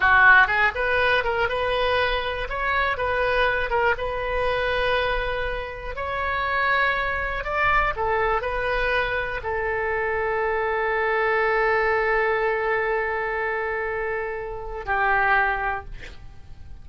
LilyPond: \new Staff \with { instrumentName = "oboe" } { \time 4/4 \tempo 4 = 121 fis'4 gis'8 b'4 ais'8 b'4~ | b'4 cis''4 b'4. ais'8 | b'1 | cis''2. d''4 |
a'4 b'2 a'4~ | a'1~ | a'1~ | a'2 g'2 | }